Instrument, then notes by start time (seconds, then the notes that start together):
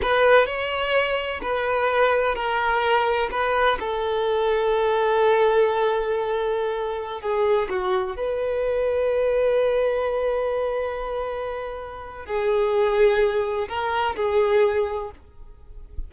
violin
0.02 B4
0.46 C#5
1.42 B4
2.35 A#4
3.31 B4
3.79 A4
7.21 G#4
7.69 F#4
8.16 B4
12.26 G#4
13.68 A#4
14.16 G#4